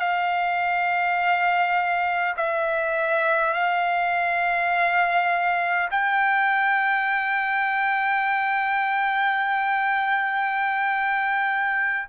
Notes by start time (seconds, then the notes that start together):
0.00 F5
2.37 E5
3.54 F5
5.91 G5